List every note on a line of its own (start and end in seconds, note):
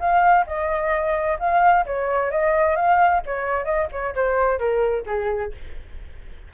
0.00 0.46 F5
0.47 1.39 D#5
1.40 1.86 F5
1.86 2.31 C#5
2.31 2.76 D#5
2.76 3.22 F5
3.26 3.65 C#5
3.65 3.88 D#5
3.92 4.15 C#5
4.15 4.59 C5
4.59 5.05 A#4
5.07 5.53 G#4